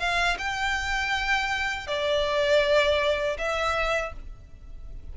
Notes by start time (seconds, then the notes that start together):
0.00 F5
0.39 G5
1.88 D5
3.38 E5